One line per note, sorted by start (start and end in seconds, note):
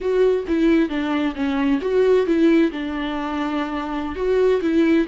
0.01 0.46 F#4
0.47 0.89 E4
0.89 1.34 D4
1.35 1.80 C#4
1.81 2.26 F#4
2.26 2.71 E4
2.71 4.15 D4
4.15 4.60 F#4
4.61 5.06 E4